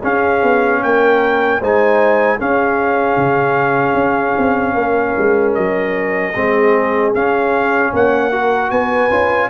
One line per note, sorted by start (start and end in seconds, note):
0.00 0.42 C#4
0.00 1.61 C#4
0.00 0.79 G#4
0.00 0.83 F5
0.42 0.82 B3
0.82 1.61 A#3
0.82 1.60 A#4
0.82 1.62 G5
1.60 2.40 G#3
1.60 2.38 D#4
1.60 2.37 C5
1.60 2.40 G#5
2.37 6.33 C#4
2.37 3.17 C#4
2.37 4.74 G#4
2.37 5.54 F5
3.17 3.94 C#3
3.94 4.33 C#4
4.38 4.75 C4
4.75 5.14 A#3
4.75 6.34 A#4
5.18 5.57 G#3
5.54 6.36 F#3
5.54 7.12 D#5
6.34 7.13 G#3
6.34 7.14 C4
6.34 7.90 G#4
7.13 7.92 C#4
7.13 8.32 C#4
7.13 7.93 F5
7.90 8.71 A#3
7.90 8.30 C#5
7.90 8.71 F#5
8.30 9.10 F#4
8.30 8.69 A#4
8.70 9.10 B3
8.70 9.49 B4
8.70 9.50 G#5
9.10 9.50 C#4
9.10 9.50 F4